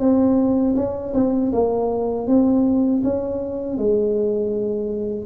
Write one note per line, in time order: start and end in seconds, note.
0.00 0.75 C4
0.76 1.14 C#4
1.14 1.52 C4
1.53 2.27 A#3
2.27 3.02 C4
3.04 3.78 C#4
3.78 5.26 G#3